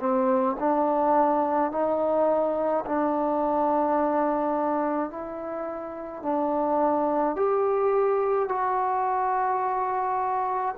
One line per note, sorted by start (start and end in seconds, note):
0.00 0.57 C4
0.60 1.72 D4
1.72 2.85 D#4
2.86 5.11 D4
5.11 6.23 E4
6.23 7.36 D4
7.36 8.49 G4
8.49 10.75 F#4